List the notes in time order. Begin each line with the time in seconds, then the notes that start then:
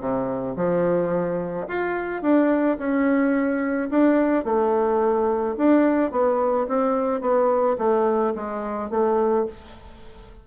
0.00 C3
0.56 F3
1.68 F4
2.22 D4
2.78 C#4
3.90 D4
4.45 A3
5.57 D4
6.11 B3
6.68 C4
7.21 B3
7.79 A3
8.35 G#3
8.90 A3